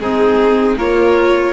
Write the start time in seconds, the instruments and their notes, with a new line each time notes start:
0.00 double bass G#3, viola C4, oboe D#4, violin G#4
0.77 double bass A#3, viola F4, oboe A#4, violin C#5